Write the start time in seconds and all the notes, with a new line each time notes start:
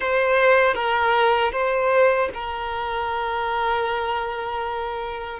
0.00 C5
0.74 A#4
1.52 C5
2.34 A#4